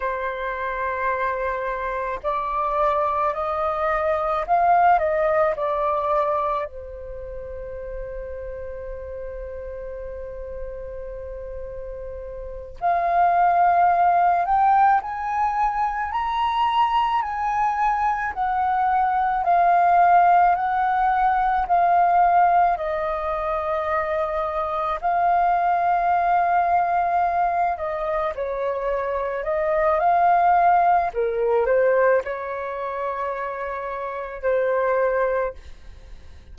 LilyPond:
\new Staff \with { instrumentName = "flute" } { \time 4/4 \tempo 4 = 54 c''2 d''4 dis''4 | f''8 dis''8 d''4 c''2~ | c''2.~ c''8 f''8~ | f''4 g''8 gis''4 ais''4 gis''8~ |
gis''8 fis''4 f''4 fis''4 f''8~ | f''8 dis''2 f''4.~ | f''4 dis''8 cis''4 dis''8 f''4 | ais'8 c''8 cis''2 c''4 | }